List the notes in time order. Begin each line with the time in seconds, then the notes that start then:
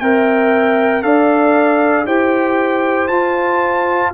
0.00 C4 A#4 E5 G5
1.02 D4 A4 D5 F5
2.06 E4 G4 C5 G5
3.08 F4 A5